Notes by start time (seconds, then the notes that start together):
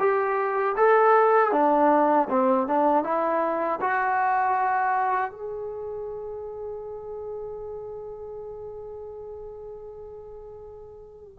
0.00 G4
0.77 A4
1.52 D4
2.30 C4
2.68 D4
3.04 E4
3.81 F#4
5.31 G#4